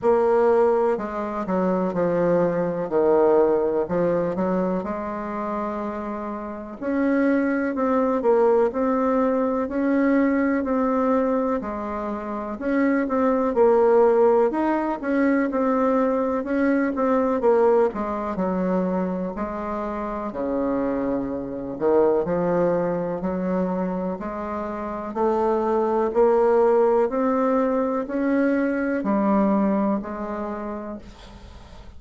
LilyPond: \new Staff \with { instrumentName = "bassoon" } { \time 4/4 \tempo 4 = 62 ais4 gis8 fis8 f4 dis4 | f8 fis8 gis2 cis'4 | c'8 ais8 c'4 cis'4 c'4 | gis4 cis'8 c'8 ais4 dis'8 cis'8 |
c'4 cis'8 c'8 ais8 gis8 fis4 | gis4 cis4. dis8 f4 | fis4 gis4 a4 ais4 | c'4 cis'4 g4 gis4 | }